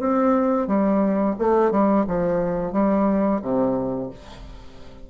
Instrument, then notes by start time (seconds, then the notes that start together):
bassoon
0.00 C4
0.68 G3
1.39 A3
1.72 G3
2.08 F3
2.73 G3
3.42 C3